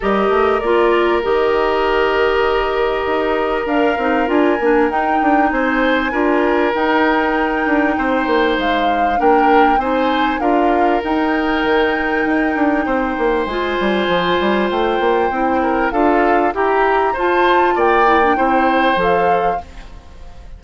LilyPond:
<<
  \new Staff \with { instrumentName = "flute" } { \time 4/4 \tempo 4 = 98 dis''4 d''4 dis''2~ | dis''2 f''4 gis''4 | g''4 gis''2 g''4~ | g''2 f''4 g''4 |
gis''4 f''4 g''2~ | g''2 gis''2 | g''2 f''4 ais''4 | a''4 g''2 f''4 | }
  \new Staff \with { instrumentName = "oboe" } { \time 4/4 ais'1~ | ais'1~ | ais'4 c''4 ais'2~ | ais'4 c''2 ais'4 |
c''4 ais'2.~ | ais'4 c''2.~ | c''4. ais'8 a'4 g'4 | c''4 d''4 c''2 | }
  \new Staff \with { instrumentName = "clarinet" } { \time 4/4 g'4 f'4 g'2~ | g'2 ais'8 dis'8 f'8 d'8 | dis'2 f'4 dis'4~ | dis'2. d'4 |
dis'4 f'4 dis'2~ | dis'2 f'2~ | f'4 e'4 f'4 g'4 | f'4. e'16 d'16 e'4 a'4 | }
  \new Staff \with { instrumentName = "bassoon" } { \time 4/4 g8 a8 ais4 dis2~ | dis4 dis'4 d'8 c'8 d'8 ais8 | dis'8 d'8 c'4 d'4 dis'4~ | dis'8 d'8 c'8 ais8 gis4 ais4 |
c'4 d'4 dis'4 dis4 | dis'8 d'8 c'8 ais8 gis8 g8 f8 g8 | a8 ais8 c'4 d'4 e'4 | f'4 ais4 c'4 f4 | }
>>